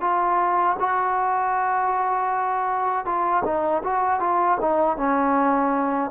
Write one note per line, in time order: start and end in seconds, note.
0.00 0.76 F4
0.79 3.05 F#4
3.05 3.43 F4
3.44 3.82 D#4
3.83 4.19 F#4
4.19 4.57 F4
4.60 4.96 D#4
4.96 6.10 C#4